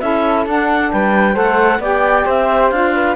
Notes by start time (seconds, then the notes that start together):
0.00 C#4 E4 A4 E5
0.46 D4 F#5
0.92 G3 B4 G5
1.34 A3 A4 C5 F#5
1.79 B3 G4 D5 G5
2.26 C4 C5 E5
2.70 D4 F4 F5
2.94 B4